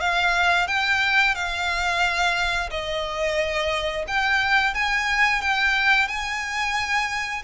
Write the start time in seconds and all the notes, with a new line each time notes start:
0.00 F5
0.67 G5
1.35 F5
2.70 D#5
4.07 G5
4.74 G#5
5.41 G5
6.07 G#5